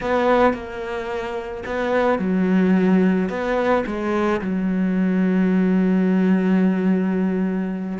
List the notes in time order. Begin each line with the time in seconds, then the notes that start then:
0.00 B3
0.53 A#3
1.65 B3
2.19 F#3
3.29 B3
3.85 G#3
4.41 F#3